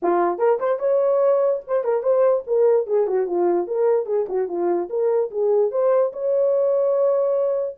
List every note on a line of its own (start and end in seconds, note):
0.02 0.38 F4
0.38 0.58 A#4
0.59 0.79 C5
0.79 1.60 C#5
1.67 1.83 C5
1.83 2.02 A#4
2.02 2.43 C5
2.47 2.87 A#4
2.87 3.07 G#4
3.07 3.26 F#4
3.26 3.67 F4
3.67 4.06 A#4
4.06 4.26 G#4
4.28 4.47 F#4
4.47 4.88 F4
4.89 5.30 A#4
5.31 5.71 G#4
5.71 6.12 C5
6.12 7.76 C#5